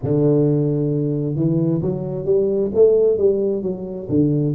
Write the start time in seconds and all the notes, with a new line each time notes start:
0.02 D3
1.35 E3
1.81 F#3
2.25 G3
2.74 A3
3.17 G3
3.62 F#3
4.09 D3